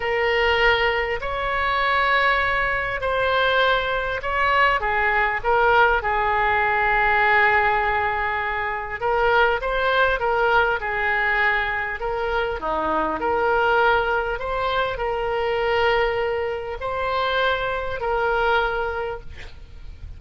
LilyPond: \new Staff \with { instrumentName = "oboe" } { \time 4/4 \tempo 4 = 100 ais'2 cis''2~ | cis''4 c''2 cis''4 | gis'4 ais'4 gis'2~ | gis'2. ais'4 |
c''4 ais'4 gis'2 | ais'4 dis'4 ais'2 | c''4 ais'2. | c''2 ais'2 | }